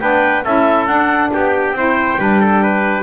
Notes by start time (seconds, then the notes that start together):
0.00 B3 D4 B4 G5
0.44 C#4 E4 A4 E5
0.86 D4 F#5
1.32 B3 G4 G5
1.72 C4 E4 C5
2.18 G3 D4 B4
2.41 A4
2.63 B4